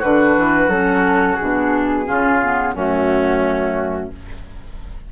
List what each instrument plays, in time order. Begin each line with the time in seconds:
0.00 bassoon D3, clarinet D4, oboe F#4, flute B4
0.38 bassoon E3
0.68 bassoon F#3, clarinet C#4, flute A4
1.37 bassoon B2, clarinet D4, flute G#4
2.05 bassoon C#3, clarinet C#4, oboe F4
2.42 clarinet B3
2.74 bassoon F#2, clarinet A3, oboe C#4, flute F#4